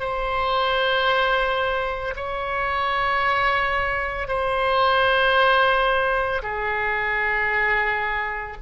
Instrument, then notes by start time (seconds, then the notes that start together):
oboe
0.00 C5
2.16 C#5
4.28 C5
6.42 G#4